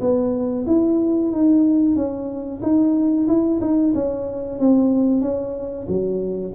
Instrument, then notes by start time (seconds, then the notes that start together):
tuba
0.00 B3
0.66 E4
1.31 D#4
1.95 C#4
2.61 D#4
3.27 E4
3.60 D#4
3.94 C#4
4.59 C4
5.21 C#4
5.88 F#3